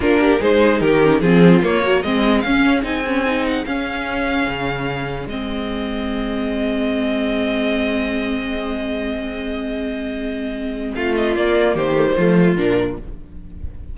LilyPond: <<
  \new Staff \with { instrumentName = "violin" } { \time 4/4 \tempo 4 = 148 ais'4 c''4 ais'4 gis'4 | cis''4 dis''4 f''4 gis''4~ | gis''8 fis''8 f''2.~ | f''4 dis''2.~ |
dis''1~ | dis''1~ | dis''2. f''8 dis''8 | d''4 c''2 ais'4 | }
  \new Staff \with { instrumentName = "violin" } { \time 4/4 f'8 g'8 gis'4 g'4 f'4~ | f'8 ais'8 gis'2.~ | gis'1~ | gis'1~ |
gis'1~ | gis'1~ | gis'2. f'4~ | f'4 g'4 f'2 | }
  \new Staff \with { instrumentName = "viola" } { \time 4/4 d'4 dis'4. cis'8 c'4 | ais8 fis'8 c'4 cis'4 dis'8 cis'8 | dis'4 cis'2.~ | cis'4 c'2.~ |
c'1~ | c'1~ | c'1 | ais4. a16 g16 a4 d'4 | }
  \new Staff \with { instrumentName = "cello" } { \time 4/4 ais4 gis4 dis4 f4 | ais4 gis4 cis'4 c'4~ | c'4 cis'2 cis4~ | cis4 gis2.~ |
gis1~ | gis1~ | gis2. a4 | ais4 dis4 f4 ais,4 | }
>>